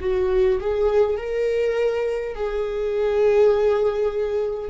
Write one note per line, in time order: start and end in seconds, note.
0.00 0.59 F#4
0.60 1.17 G#4
1.17 2.35 A#4
2.35 4.70 G#4